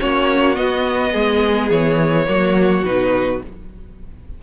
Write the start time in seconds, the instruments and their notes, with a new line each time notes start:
0.00 cello A#3, viola C#4, violin F#4 C#5
0.56 viola B3, cello B3, violin D#5
1.12 cello G#3, violin G#4
1.71 cello E3, violin C#5
2.27 cello F#3, viola A#3, violin F#4
2.84 cello B2, viola D#4, violin B4